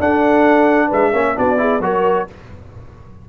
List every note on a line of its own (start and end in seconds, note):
0.00 0.91 D4
0.00 1.14 D4
0.00 0.87 A4
0.00 0.92 F#5
0.87 1.13 G#3
0.87 1.10 B4
0.87 1.38 E5
1.13 1.36 A#3
1.13 1.36 C#4
1.13 1.36 C#5
1.36 1.80 B3
1.36 1.58 D4
1.36 1.60 F#4
1.36 1.84 D5
1.58 1.80 E4
1.58 1.82 G#4
1.80 2.26 F#3
1.80 2.27 F#4
1.80 2.29 A#4
1.80 2.29 C#5